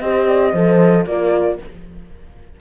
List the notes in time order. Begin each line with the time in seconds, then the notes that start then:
0.00 C4 G4 C5 D#5
0.27 D5
0.52 F3 A4 C5
1.06 A#3 F4 A#4 D5